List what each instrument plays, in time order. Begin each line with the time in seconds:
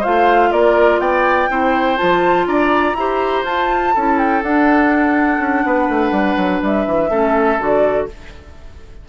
0.00 bassoon A3, clarinet F4, oboe C5, flute F5
0.51 bassoon A#3, oboe A#4, flute D5
0.99 bassoon B3, oboe D5, flute G5
1.49 bassoon C4, clarinet E4, oboe C5
1.97 bassoon F3, clarinet F4, flute A5
2.47 bassoon D4, oboe D5, flute A#5
2.94 bassoon E4, clarinet G4, oboe C5
3.43 bassoon F4, clarinet F4, flute A5
3.94 bassoon C#4, clarinet E4, oboe A4
4.18 flute G5
4.42 clarinet D4, bassoon D4, flute F#5
5.39 bassoon C#4
5.65 bassoon B3, oboe B4
5.89 bassoon A3
6.11 bassoon G3
6.36 bassoon F#3
6.61 bassoon G3, flute E5
6.86 bassoon E3
7.10 bassoon A3, clarinet C#4, oboe A4
7.59 bassoon D3, clarinet F#4, flute D5